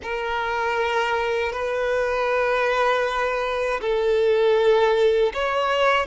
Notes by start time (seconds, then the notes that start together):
0.02 A#4
1.52 B4
3.81 A4
5.33 C#5